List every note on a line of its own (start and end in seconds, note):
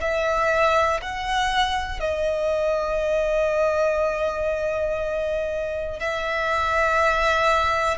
0.00 1.00 E5
1.01 1.99 F#5
1.99 5.99 D#5
6.00 7.98 E5